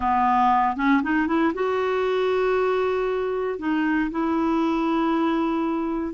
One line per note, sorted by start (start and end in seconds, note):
0.00 0.76 B3
0.76 1.02 C#4
1.03 1.27 D#4
1.27 1.52 E4
1.53 3.59 F#4
3.59 4.10 D#4
4.10 6.13 E4